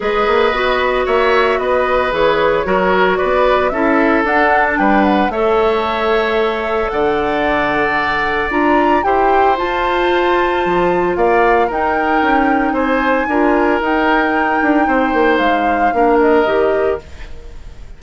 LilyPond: <<
  \new Staff \with { instrumentName = "flute" } { \time 4/4 \tempo 4 = 113 dis''2 e''4 dis''4 | cis''2 d''4 e''4 | fis''8. a''16 g''8 fis''8 e''2~ | e''4 fis''2. |
ais''4 g''4 a''2~ | a''4 f''4 g''2 | gis''2 g''2~ | g''4 f''4. dis''4. | }
  \new Staff \with { instrumentName = "oboe" } { \time 4/4 b'2 cis''4 b'4~ | b'4 ais'4 b'4 a'4~ | a'4 b'4 cis''2~ | cis''4 d''2.~ |
d''4 c''2.~ | c''4 d''4 ais'2 | c''4 ais'2. | c''2 ais'2 | }
  \new Staff \with { instrumentName = "clarinet" } { \time 4/4 gis'4 fis'2. | gis'4 fis'2 e'4 | d'2 a'2~ | a'1 |
f'4 g'4 f'2~ | f'2 dis'2~ | dis'4 f'4 dis'2~ | dis'2 d'4 g'4 | }
  \new Staff \with { instrumentName = "bassoon" } { \time 4/4 gis8 ais8 b4 ais4 b4 | e4 fis4 b4 cis'4 | d'4 g4 a2~ | a4 d2. |
d'4 e'4 f'2 | f4 ais4 dis'4 cis'4 | c'4 d'4 dis'4. d'8 | c'8 ais8 gis4 ais4 dis4 | }
>>